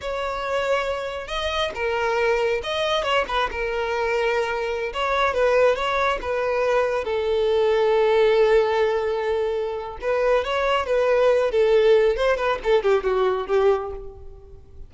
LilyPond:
\new Staff \with { instrumentName = "violin" } { \time 4/4 \tempo 4 = 138 cis''2. dis''4 | ais'2 dis''4 cis''8 b'8 | ais'2.~ ais'16 cis''8.~ | cis''16 b'4 cis''4 b'4.~ b'16~ |
b'16 a'2.~ a'8.~ | a'2. b'4 | cis''4 b'4. a'4. | c''8 b'8 a'8 g'8 fis'4 g'4 | }